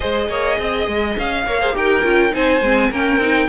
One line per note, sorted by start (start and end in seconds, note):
0.00 0.28 G#3
0.00 1.44 G#4
0.00 0.28 C5
0.00 1.16 D#5
0.28 0.57 A#3
0.28 0.58 C#5
0.58 0.87 C4
0.58 1.45 D#5
0.87 1.16 G#3
1.18 1.46 C#4
1.18 1.76 F5
1.46 1.74 A#3
1.46 1.60 A#4
1.46 1.60 C#5
1.60 1.73 G#4
1.60 1.75 C5
1.73 2.03 D#4
1.73 2.02 G4
1.73 2.34 A#4
1.73 2.34 G5
2.03 2.32 C#4
2.03 2.31 F4
2.31 2.61 C4
2.31 2.60 D#4
2.31 2.89 C5
2.31 2.92 G#5
2.61 2.90 G#3
2.61 2.92 C4
2.89 3.17 A#3
2.89 3.20 C#4
2.89 3.48 A#4
2.89 3.48 G5
3.17 3.46 C4
3.17 3.48 D#4